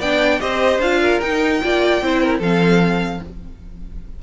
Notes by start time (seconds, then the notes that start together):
0.00 B3 D4 D5 G5
0.40 C4 G4 C5 D#5
0.79 D4 F4 F5
1.01 A#4
1.20 D#4 G5
1.63 A#3 F4 D5
2.02 C4 E4 C5
2.23 A#4
2.39 F3 C4 A4 F5